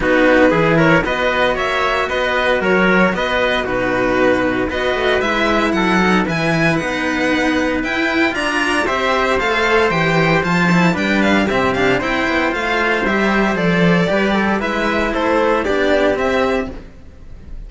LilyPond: <<
  \new Staff \with { instrumentName = "violin" } { \time 4/4 \tempo 4 = 115 b'4. cis''8 dis''4 e''4 | dis''4 cis''4 dis''4 b'4~ | b'4 dis''4 e''4 fis''4 | gis''4 fis''2 g''4 |
ais''4 e''4 f''4 g''4 | a''4 g''8 f''8 e''8 f''8 g''4 | f''4 e''4 d''2 | e''4 c''4 d''4 e''4 | }
  \new Staff \with { instrumentName = "trumpet" } { \time 4/4 fis'4 gis'8 ais'8 b'4 cis''4 | b'4 ais'4 b'4 fis'4~ | fis'4 b'2 a'4 | b'1 |
d''4 c''2.~ | c''4 b'4 g'4 c''4~ | c''2. b'8 a'8 | b'4 a'4 g'2 | }
  \new Staff \with { instrumentName = "cello" } { \time 4/4 dis'4 e'4 fis'2~ | fis'2. dis'4~ | dis'4 fis'4 e'4. dis'8 | e'4 dis'2 e'4 |
f'4 g'4 a'4 g'4 | f'8 e'8 d'4 c'8 d'8 e'4 | f'4 g'4 a'4 g'4 | e'2 d'4 c'4 | }
  \new Staff \with { instrumentName = "cello" } { \time 4/4 b4 e4 b4 ais4 | b4 fis4 b4 b,4~ | b,4 b8 a8 gis4 fis4 | e4 b2 e'4 |
d'4 c'4 a4 e4 | f4 g4 c4 c'8 b8 | a4 g4 f4 g4 | gis4 a4 b4 c'4 | }
>>